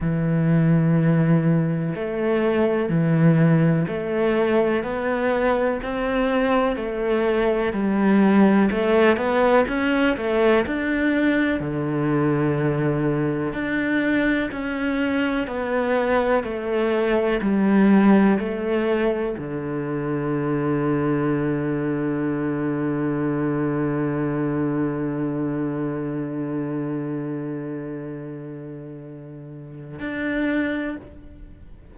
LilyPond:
\new Staff \with { instrumentName = "cello" } { \time 4/4 \tempo 4 = 62 e2 a4 e4 | a4 b4 c'4 a4 | g4 a8 b8 cis'8 a8 d'4 | d2 d'4 cis'4 |
b4 a4 g4 a4 | d1~ | d1~ | d2. d'4 | }